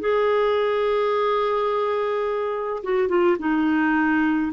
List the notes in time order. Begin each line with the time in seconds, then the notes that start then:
0.00 G#4
2.83 F#4
3.08 F4
3.39 D#4